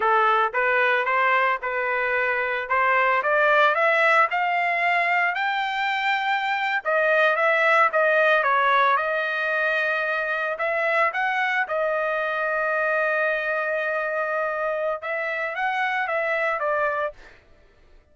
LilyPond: \new Staff \with { instrumentName = "trumpet" } { \time 4/4 \tempo 4 = 112 a'4 b'4 c''4 b'4~ | b'4 c''4 d''4 e''4 | f''2 g''2~ | g''8. dis''4 e''4 dis''4 cis''16~ |
cis''8. dis''2. e''16~ | e''8. fis''4 dis''2~ dis''16~ | dis''1 | e''4 fis''4 e''4 d''4 | }